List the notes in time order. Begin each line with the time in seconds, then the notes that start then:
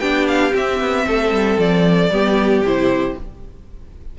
0.00 B3 D4 G4 G5
0.28 F5
0.51 C4 E5
0.80 B3
1.07 A3 A4
1.32 G3
1.59 F3 D5
2.10 G3 B3 G4
2.61 C3 E4 C5